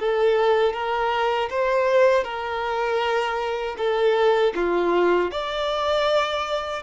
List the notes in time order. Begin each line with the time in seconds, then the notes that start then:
0.00 A4
0.74 A#4
1.50 C5
2.24 A#4
3.78 A4
4.56 F4
5.32 D5